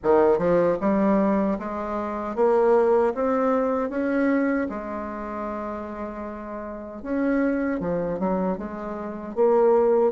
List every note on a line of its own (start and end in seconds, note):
0.03 0.38 D#3
0.38 0.77 F3
0.80 1.58 G3
1.58 2.35 G#3
2.35 3.13 A#3
3.14 3.89 C4
3.89 4.67 C#4
4.69 7.02 G#3
7.02 7.80 C#4
7.80 8.19 F3
8.19 8.57 F#3
8.57 9.35 G#3
9.35 10.12 A#3